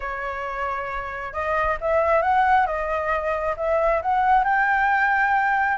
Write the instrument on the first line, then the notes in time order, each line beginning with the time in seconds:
flute
0.00 C#5
1.33 D#5
1.80 E5
2.22 F#5
2.66 D#5
3.57 E5
4.02 F#5
4.44 G5